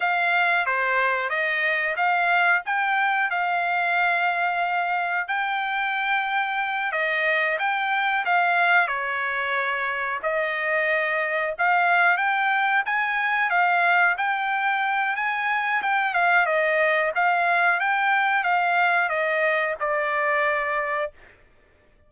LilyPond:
\new Staff \with { instrumentName = "trumpet" } { \time 4/4 \tempo 4 = 91 f''4 c''4 dis''4 f''4 | g''4 f''2. | g''2~ g''8 dis''4 g''8~ | g''8 f''4 cis''2 dis''8~ |
dis''4. f''4 g''4 gis''8~ | gis''8 f''4 g''4. gis''4 | g''8 f''8 dis''4 f''4 g''4 | f''4 dis''4 d''2 | }